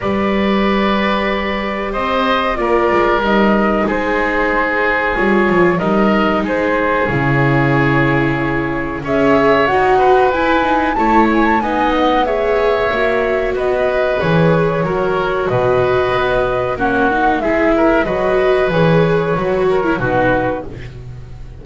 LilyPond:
<<
  \new Staff \with { instrumentName = "flute" } { \time 4/4 \tempo 4 = 93 d''2. dis''4 | d''4 dis''4 c''2 | cis''4 dis''4 c''4 cis''4~ | cis''2 e''4 fis''4 |
gis''4 a''8 gis''16 a''16 gis''8 fis''8 e''4~ | e''4 dis''4 cis''2 | dis''2 fis''4 e''4 | dis''4 cis''2 b'4 | }
  \new Staff \with { instrumentName = "oboe" } { \time 4/4 b'2. c''4 | ais'2 gis'2~ | gis'4 ais'4 gis'2~ | gis'2 cis''4. b'8~ |
b'4 cis''4 dis''4 cis''4~ | cis''4 b'2 ais'4 | b'2 fis'4 gis'8 ais'8 | b'2~ b'8 ais'8 fis'4 | }
  \new Staff \with { instrumentName = "viola" } { \time 4/4 g'1 | f'4 dis'2. | f'4 dis'2 e'4~ | e'2 gis'4 fis'4 |
e'8 dis'8 e'4 dis'4 gis'4 | fis'2 gis'4 fis'4~ | fis'2 cis'8 dis'8 e'4 | fis'4 gis'4 fis'8. e'16 dis'4 | }
  \new Staff \with { instrumentName = "double bass" } { \time 4/4 g2. c'4 | ais8 gis8 g4 gis2 | g8 f8 g4 gis4 cis4~ | cis2 cis'4 dis'4 |
e'4 a4 b2 | ais4 b4 e4 fis4 | b,4 b4 ais4 gis4 | fis4 e4 fis4 b,4 | }
>>